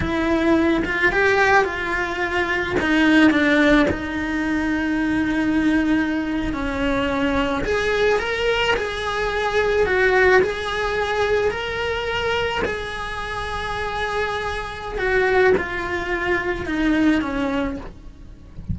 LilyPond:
\new Staff \with { instrumentName = "cello" } { \time 4/4 \tempo 4 = 108 e'4. f'8 g'4 f'4~ | f'4 dis'4 d'4 dis'4~ | dis'2.~ dis'8. cis'16~ | cis'4.~ cis'16 gis'4 ais'4 gis'16~ |
gis'4.~ gis'16 fis'4 gis'4~ gis'16~ | gis'8. ais'2 gis'4~ gis'16~ | gis'2. fis'4 | f'2 dis'4 cis'4 | }